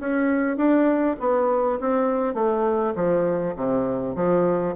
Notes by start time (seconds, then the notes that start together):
0.00 C#4
0.57 D4
1.20 B3
1.80 C4
2.35 A3
2.96 F3
3.56 C3
4.16 F3